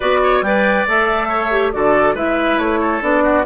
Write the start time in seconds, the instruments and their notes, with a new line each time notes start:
0.00 bassoon B3, clarinet F#4, oboe B4, flute D5
0.23 oboe C#5
0.41 bassoon G3, clarinet B4, oboe D5, flute G5
0.88 bassoon A3, clarinet A4, flute E5
1.28 oboe C#5
1.51 clarinet G4
1.72 bassoon D3, clarinet F#4, oboe A4, flute D5
2.14 bassoon G#3, clarinet E4, oboe B4, flute E5
2.57 bassoon A3, flute C#5
2.80 oboe A4
3.01 bassoon B3, clarinet D4, flute D5
3.23 oboe F#4